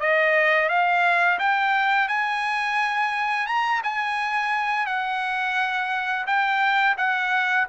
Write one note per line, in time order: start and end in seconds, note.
0.00 0.69 D#5
0.69 1.39 F5
1.39 2.09 G5
2.09 3.47 G#5
3.47 3.82 A#5
3.83 4.86 G#5
4.86 6.26 F#5
6.27 6.96 G5
6.98 7.67 F#5